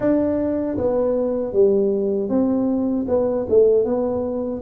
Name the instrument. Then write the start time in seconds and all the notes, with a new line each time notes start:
tuba
0.00 D4
0.77 B3
1.52 G3
2.29 C4
3.08 B3
3.49 A3
3.85 B3